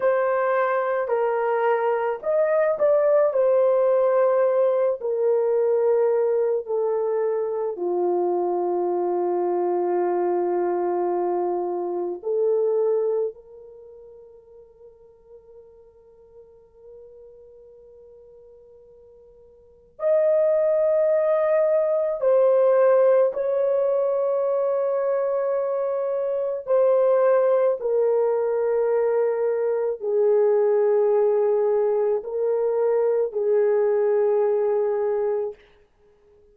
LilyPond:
\new Staff \with { instrumentName = "horn" } { \time 4/4 \tempo 4 = 54 c''4 ais'4 dis''8 d''8 c''4~ | c''8 ais'4. a'4 f'4~ | f'2. a'4 | ais'1~ |
ais'2 dis''2 | c''4 cis''2. | c''4 ais'2 gis'4~ | gis'4 ais'4 gis'2 | }